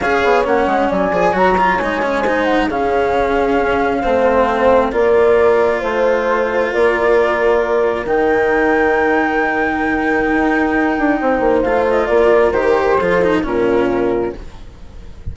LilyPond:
<<
  \new Staff \with { instrumentName = "flute" } { \time 4/4 \tempo 4 = 134 f''4 fis''4 gis''4 ais''4 | gis''4. fis''8 f''2~ | f''2. d''4~ | d''4 c''2 d''4~ |
d''2 g''2~ | g''1~ | g''2 f''8 dis''8 d''4 | c''2 ais'2 | }
  \new Staff \with { instrumentName = "horn" } { \time 4/4 cis''2 d''4 cis''4~ | cis''4 c''4 gis'2~ | gis'4 c''2 ais'4~ | ais'4 c''2 ais'4~ |
ais'1~ | ais'1~ | ais'4 c''2 ais'4~ | ais'4 a'4 f'2 | }
  \new Staff \with { instrumentName = "cello" } { \time 4/4 gis'4 cis'4. gis'8 fis'8 f'8 | dis'8 cis'8 dis'4 cis'2~ | cis'4 c'2 f'4~ | f'1~ |
f'2 dis'2~ | dis'1~ | dis'2 f'2 | g'4 f'8 dis'8 cis'2 | }
  \new Staff \with { instrumentName = "bassoon" } { \time 4/4 cis'8 b8 ais8 gis8 fis8 f8 fis4 | gis2 cis2 | cis'4 a2 ais4~ | ais4 a2 ais4~ |
ais2 dis2~ | dis2. dis'4~ | dis'8 d'8 c'8 ais8 a4 ais4 | dis4 f4 ais,2 | }
>>